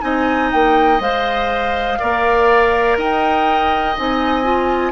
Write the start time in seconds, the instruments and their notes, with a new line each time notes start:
0.00 bassoon C4, clarinet D#4, oboe D#5, flute G#5
0.51 bassoon A#3, flute G5
1.00 bassoon G#3, clarinet C5, flute F5
1.99 bassoon A#3, clarinet A#4, oboe D5
2.97 bassoon D#4, oboe D#5, flute G5
3.97 bassoon C4, clarinet D#4, flute G#5
4.43 clarinet F4